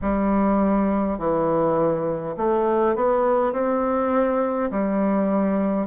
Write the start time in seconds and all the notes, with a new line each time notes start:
0.01 G3
1.18 E3
2.36 A3
2.95 B3
3.52 C4
4.71 G3